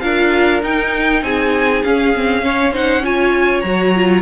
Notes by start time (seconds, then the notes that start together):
0.00 D4 F4 A#4 F5
0.62 D#4 G5
1.22 C4 G#4 G#5
1.83 C#4 F5
2.16 C4
2.42 C#4 C#5
2.72 D#4 C5 F#5
3.03 F4 C#5 G#5
3.61 F#3 F#4 A#5
3.95 F4